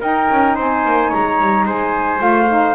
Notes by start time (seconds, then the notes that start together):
0.00 D#4 A#4 G5
0.30 C#4
0.55 C4 C5 G#5
0.85 A#3
1.09 G#3 C#5 A#5
1.41 G3
1.65 G#3 C5 G#5
2.18 A3 F4 F5
2.48 D#4